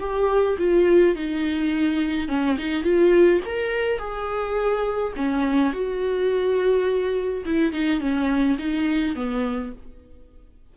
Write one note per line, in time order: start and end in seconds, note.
0.00 0.57 G4
0.58 1.16 F4
1.16 2.29 D#4
2.29 2.57 C#4
2.58 2.84 D#4
2.84 3.41 F4
3.46 3.99 A#4
3.99 5.13 G#4
5.17 5.73 C#4
5.73 7.45 F#4
7.45 7.73 E4
7.73 8.00 D#4
8.00 8.57 C#4
8.59 9.16 D#4
9.16 9.73 B3